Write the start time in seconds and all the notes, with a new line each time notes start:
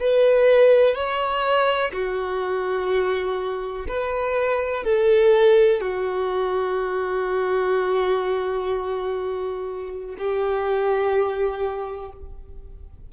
0.00 B4
0.95 C#5
1.93 F#4
3.88 B4
4.84 A4
5.81 F#4
10.18 G4